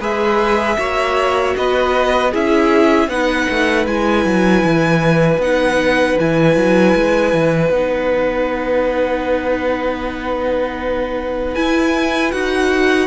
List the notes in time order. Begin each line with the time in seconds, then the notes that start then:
0.00 G#3 G#4 B4 E5
0.78 A#3 F#4 C#5
1.57 B3 B4 D#5
2.32 C#4 E4 G#4 E5
3.08 B3 D#4 B4 F#5
3.50 A3
3.87 G#3 E4 G#5
4.25 F#3
4.65 E3
5.38 B3 D#4 F#5
6.19 E3 E4 G#5
6.57 F#3
6.95 G#3
7.33 E3
7.71 B3 D#4 F#5
11.55 E4 G#5
12.32 D#4 F#4 F#5